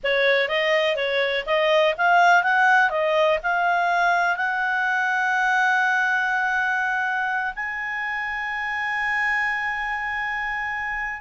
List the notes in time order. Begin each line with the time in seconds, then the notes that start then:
0.03 C#5
0.48 D#5
0.95 C#5
1.46 D#5
1.97 F5
2.43 F#5
2.90 D#5
3.42 F5
4.36 F#5
7.55 G#5